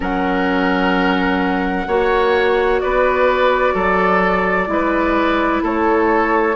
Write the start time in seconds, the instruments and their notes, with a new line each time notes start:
0.00 bassoon F#3, clarinet C#4, oboe A#4, flute F#5
1.87 bassoon A#3, clarinet F#4, oboe C#5
2.80 bassoon B3, oboe B4, flute D5
3.74 bassoon F#3, oboe A4
4.66 bassoon G#3, clarinet E4
4.72 oboe B4
5.63 bassoon A3, oboe A4, flute C#5